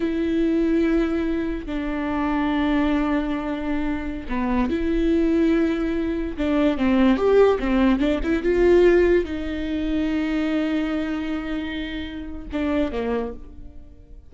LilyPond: \new Staff \with { instrumentName = "viola" } { \time 4/4 \tempo 4 = 144 e'1 | d'1~ | d'2~ d'16 b4 e'8.~ | e'2.~ e'16 d'8.~ |
d'16 c'4 g'4 c'4 d'8 e'16~ | e'16 f'2 dis'4.~ dis'16~ | dis'1~ | dis'2 d'4 ais4 | }